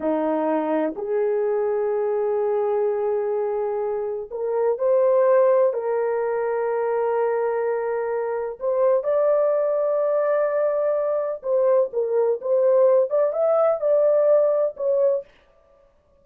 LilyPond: \new Staff \with { instrumentName = "horn" } { \time 4/4 \tempo 4 = 126 dis'2 gis'2~ | gis'1~ | gis'4 ais'4 c''2 | ais'1~ |
ais'2 c''4 d''4~ | d''1 | c''4 ais'4 c''4. d''8 | e''4 d''2 cis''4 | }